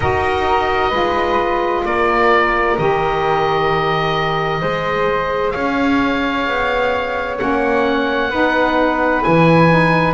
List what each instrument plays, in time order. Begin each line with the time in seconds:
0.00 double bass D#4, saxophone F#4, flute A#4, oboe D#5
0.89 double bass G#3, saxophone F4, flute B4
1.84 double bass A#3, flute A#4, oboe D5
2.77 double bass D#3, saxophone G4, oboe D#5
4.60 double bass G#3, saxophone G#4, flute C5
5.51 double bass C#4, flute C#5, oboe F5
6.47 double bass B3
7.37 double bass A#3, saxophone C#4, oboe F#5
8.30 double bass B3, saxophone D#4, flute B4
9.22 double bass E3, saxophone E4, oboe G#5
9.69 saxophone D#4